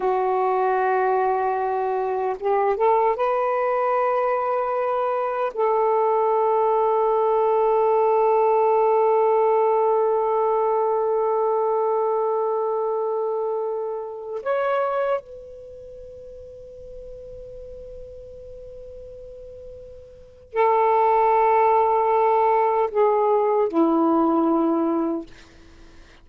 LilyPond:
\new Staff \with { instrumentName = "saxophone" } { \time 4/4 \tempo 4 = 76 fis'2. g'8 a'8 | b'2. a'4~ | a'1~ | a'1~ |
a'2~ a'16 cis''4 b'8.~ | b'1~ | b'2 a'2~ | a'4 gis'4 e'2 | }